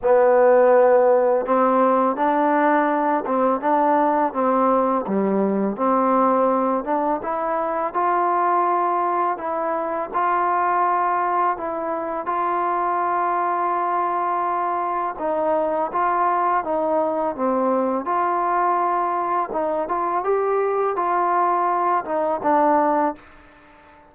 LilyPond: \new Staff \with { instrumentName = "trombone" } { \time 4/4 \tempo 4 = 83 b2 c'4 d'4~ | d'8 c'8 d'4 c'4 g4 | c'4. d'8 e'4 f'4~ | f'4 e'4 f'2 |
e'4 f'2.~ | f'4 dis'4 f'4 dis'4 | c'4 f'2 dis'8 f'8 | g'4 f'4. dis'8 d'4 | }